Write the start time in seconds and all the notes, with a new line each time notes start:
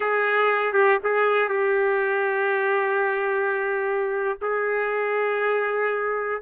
0.00 G#4
0.73 G4
1.03 G#4
1.48 G4
4.41 G#4